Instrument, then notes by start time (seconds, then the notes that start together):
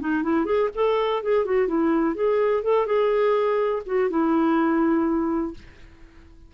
clarinet
0.00 D#4
0.23 E4
0.45 G#4
0.75 A4
1.23 G#4
1.45 F#4
1.67 E4
2.15 G#4
2.63 A4
2.86 G#4
3.86 F#4
4.10 E4